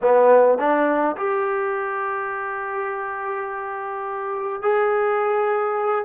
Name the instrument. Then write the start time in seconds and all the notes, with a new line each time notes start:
trombone
0.02 B3
0.58 D4
1.16 G4
4.62 G#4